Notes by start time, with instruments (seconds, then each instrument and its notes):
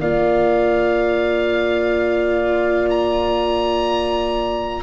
0.00 tuba A#3, viola F4, horn D5, oboe F5
2.90 oboe A#5